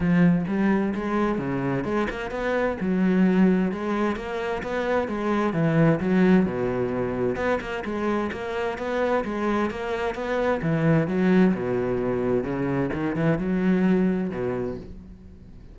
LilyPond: \new Staff \with { instrumentName = "cello" } { \time 4/4 \tempo 4 = 130 f4 g4 gis4 cis4 | gis8 ais8 b4 fis2 | gis4 ais4 b4 gis4 | e4 fis4 b,2 |
b8 ais8 gis4 ais4 b4 | gis4 ais4 b4 e4 | fis4 b,2 cis4 | dis8 e8 fis2 b,4 | }